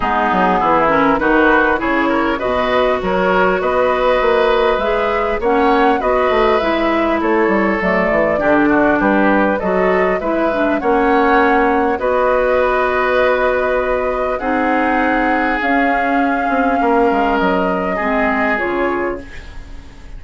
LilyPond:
<<
  \new Staff \with { instrumentName = "flute" } { \time 4/4 \tempo 4 = 100 gis'4. ais'8 b'4 cis''4 | dis''4 cis''4 dis''2 | e''4 fis''4 dis''4 e''4 | cis''4 d''2 b'4 |
dis''4 e''4 fis''2 | dis''1 | fis''2 f''2~ | f''4 dis''2 cis''4 | }
  \new Staff \with { instrumentName = "oboe" } { \time 4/4 dis'4 e'4 fis'4 gis'8 ais'8 | b'4 ais'4 b'2~ | b'4 cis''4 b'2 | a'2 g'8 fis'8 g'4 |
a'4 b'4 cis''2 | b'1 | gis'1 | ais'2 gis'2 | }
  \new Staff \with { instrumentName = "clarinet" } { \time 4/4 b4. cis'8 dis'4 e'4 | fis'1 | gis'4 cis'4 fis'4 e'4~ | e'4 a4 d'2 |
fis'4 e'8 d'8 cis'2 | fis'1 | dis'2 cis'2~ | cis'2 c'4 f'4 | }
  \new Staff \with { instrumentName = "bassoon" } { \time 4/4 gis8 fis8 e4 dis4 cis4 | b,4 fis4 b4 ais4 | gis4 ais4 b8 a8 gis4 | a8 g8 fis8 e8 d4 g4 |
fis4 gis4 ais2 | b1 | c'2 cis'4. c'8 | ais8 gis8 fis4 gis4 cis4 | }
>>